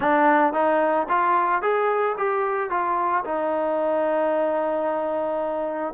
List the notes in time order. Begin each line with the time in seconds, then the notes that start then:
0.00 D4
0.53 D#4
1.08 F4
1.62 G#4
2.17 G4
2.70 F4
3.24 D#4